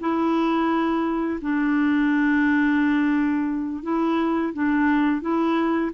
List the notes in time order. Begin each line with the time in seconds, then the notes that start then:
0.00 E4
1.41 D4
3.83 E4
4.53 D4
5.21 E4